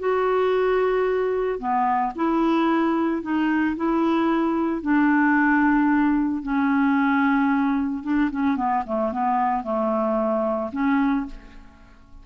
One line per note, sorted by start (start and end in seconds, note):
0.00 1.59 F#4
1.59 2.13 B3
2.16 3.23 E4
3.23 3.76 D#4
3.77 4.82 E4
4.82 6.43 D4
6.43 8.04 C#4
8.04 8.31 D4
8.32 8.57 C#4
8.57 8.84 B3
8.87 9.13 A3
9.13 9.64 B3
9.64 10.71 A3
10.73 11.26 C#4